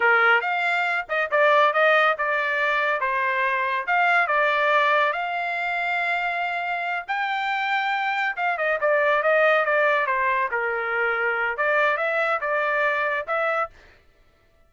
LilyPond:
\new Staff \with { instrumentName = "trumpet" } { \time 4/4 \tempo 4 = 140 ais'4 f''4. dis''8 d''4 | dis''4 d''2 c''4~ | c''4 f''4 d''2 | f''1~ |
f''8 g''2. f''8 | dis''8 d''4 dis''4 d''4 c''8~ | c''8 ais'2~ ais'8 d''4 | e''4 d''2 e''4 | }